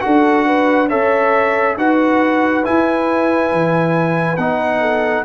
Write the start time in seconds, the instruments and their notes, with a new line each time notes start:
0.00 tuba D4, trombone F#4, horn A4, trumpet F#5
0.46 horn B4
0.88 tuba C#4, trombone A4, horn C#5, trumpet E5
1.77 tuba D#4, trombone F#4, horn B4, trumpet F#5
2.63 trombone E4, tuba E4, trumpet G#5
3.52 tuba E3
4.37 tuba B3, trombone D#4, trumpet F#5
4.80 horn A4